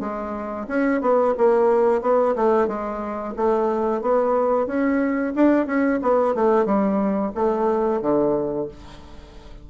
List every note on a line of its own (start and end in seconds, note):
0.00 0.67 G#3
0.68 1.01 C#4
1.01 1.35 B3
1.38 2.02 A#3
2.02 2.35 B3
2.36 2.68 A3
2.68 3.35 G#3
3.37 4.02 A3
4.02 4.67 B3
4.67 5.34 C#4
5.35 5.67 D4
5.67 6.00 C#4
6.02 6.35 B3
6.35 6.66 A3
6.66 7.33 G3
7.35 8.02 A3
8.02 8.68 D3